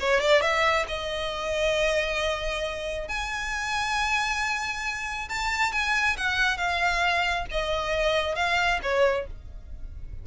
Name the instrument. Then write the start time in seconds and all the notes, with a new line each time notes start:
violin
0.00 C#5
0.20 D5
0.42 E5
0.88 D#5
3.08 G#5
5.29 A5
5.73 G#5
6.17 F#5
6.58 F5
7.51 D#5
8.36 F5
8.83 C#5